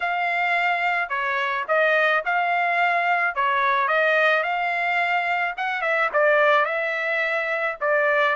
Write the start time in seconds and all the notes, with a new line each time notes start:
0.00 F5
1.09 C#5
1.68 D#5
2.25 F5
3.35 C#5
3.88 D#5
4.43 F5
5.57 F#5
5.81 E5
6.13 D5
6.65 E5
7.80 D5